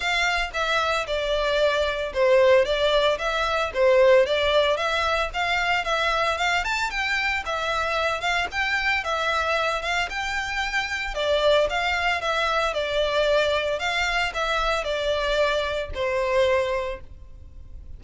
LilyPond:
\new Staff \with { instrumentName = "violin" } { \time 4/4 \tempo 4 = 113 f''4 e''4 d''2 | c''4 d''4 e''4 c''4 | d''4 e''4 f''4 e''4 | f''8 a''8 g''4 e''4. f''8 |
g''4 e''4. f''8 g''4~ | g''4 d''4 f''4 e''4 | d''2 f''4 e''4 | d''2 c''2 | }